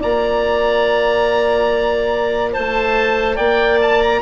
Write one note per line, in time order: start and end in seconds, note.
0.00 2.57 A#3
0.00 4.22 F4
0.00 2.53 D5
0.00 2.54 A#5
2.53 3.38 A3
2.53 3.36 C5
2.53 3.37 A5
3.36 4.22 A#3
3.36 4.20 D5
3.36 3.79 G5
3.82 4.02 A5
4.02 4.22 A#5